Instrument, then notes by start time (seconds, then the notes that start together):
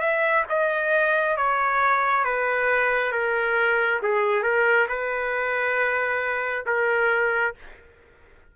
trumpet
0.00 E5
0.49 D#5
1.37 C#5
2.25 B4
3.12 A#4
4.03 G#4
4.43 A#4
4.89 B4
6.66 A#4